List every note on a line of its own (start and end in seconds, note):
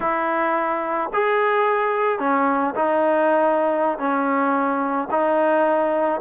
0.00 1.10 E4
1.13 2.19 G#4
2.19 2.74 C#4
2.75 3.98 D#4
3.98 5.08 C#4
5.10 6.21 D#4